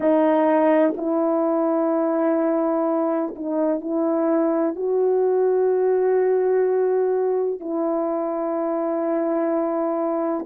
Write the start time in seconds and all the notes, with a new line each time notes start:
0.00 D#4
0.96 E4
3.35 D#4
3.81 E4
4.75 F#4
7.60 E4